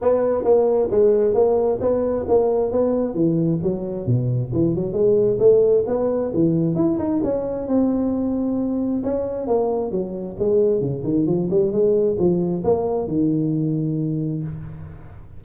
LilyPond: \new Staff \with { instrumentName = "tuba" } { \time 4/4 \tempo 4 = 133 b4 ais4 gis4 ais4 | b4 ais4 b4 e4 | fis4 b,4 e8 fis8 gis4 | a4 b4 e4 e'8 dis'8 |
cis'4 c'2. | cis'4 ais4 fis4 gis4 | cis8 dis8 f8 g8 gis4 f4 | ais4 dis2. | }